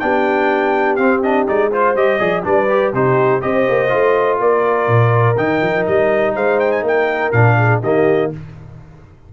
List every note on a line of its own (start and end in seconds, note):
0.00 0.99 B3
0.00 0.99 D4
0.00 1.71 G4
0.00 0.96 G5
0.96 1.47 C4
0.96 1.23 C4
0.96 1.21 F5
1.23 1.47 D4
1.23 1.48 D#5
1.47 1.96 G#3
1.47 1.72 D#4
1.47 1.73 D5
1.71 1.96 F4
1.71 2.19 C5
1.71 1.96 C5
1.96 2.20 G3
1.96 2.20 G4
1.96 2.45 D#5
2.19 2.45 F3
2.19 2.44 G#4
2.19 2.43 D5
2.44 2.94 G3
2.44 2.68 D4
2.44 2.94 B4
2.44 2.94 D5
2.70 2.94 G4
2.94 3.42 C3
2.94 3.42 D#4
2.94 3.43 G4
2.94 3.42 C5
3.42 3.68 C4
3.42 3.89 G4
3.42 4.41 C5
3.42 4.40 D#5
3.69 3.94 A#3
3.89 4.41 A3
3.89 5.35 F4
4.41 4.88 A#3
4.41 6.35 A#4
4.41 5.37 D5
4.88 5.37 A#2
5.37 5.62 D#3
5.37 7.34 D#4
5.37 5.86 G5
5.62 5.86 F3
5.87 6.36 G3
5.87 6.36 D#5
6.35 6.82 G#3
6.35 6.84 C5
6.35 6.60 F5
6.60 6.72 G5
6.72 6.84 G#5
6.82 7.31 A#3
6.82 7.57 A#4
6.82 7.32 G5
7.32 7.82 A#2
7.32 7.83 D4
7.32 7.81 F5
7.58 7.82 G#4
7.82 8.32 D#3
7.82 8.34 A#3
7.82 8.31 G4
7.82 8.32 D#5